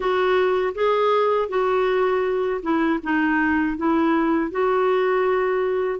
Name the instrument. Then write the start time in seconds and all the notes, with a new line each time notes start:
clarinet
0.00 F#4
0.75 G#4
1.48 F#4
2.62 E4
3.03 D#4
3.77 E4
4.51 F#4